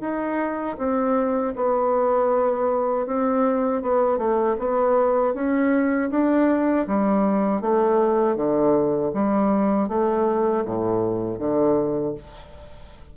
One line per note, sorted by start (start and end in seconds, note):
0.00 0.76 D#4
0.78 1.54 C4
1.55 3.06 B3
3.06 3.82 C4
3.82 4.18 B3
4.18 4.56 A3
4.59 5.34 B3
5.34 6.10 C#4
6.10 6.86 D4
6.87 7.61 G3
7.61 8.36 A3
8.36 9.12 D3
9.13 9.88 G3
9.88 10.64 A3
10.65 11.39 A2
11.39 12.14 D3